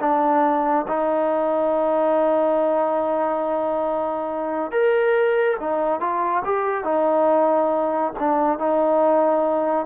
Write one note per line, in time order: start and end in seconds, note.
0.00 0.86 D4
0.88 4.71 D#4
4.71 5.57 A#4
5.59 6.00 D#4
6.00 6.43 F4
6.44 6.84 G4
6.84 8.13 D#4
8.19 8.59 D4
8.59 9.86 D#4